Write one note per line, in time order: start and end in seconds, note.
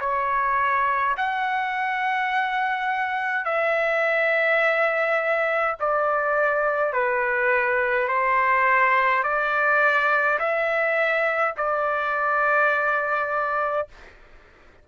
0.00 1.15 C#5
1.17 3.45 F#5
3.45 5.76 E5
5.80 6.93 D5
6.93 8.08 B4
8.08 9.23 C5
9.23 10.38 D5
10.39 11.54 E5
11.57 13.88 D5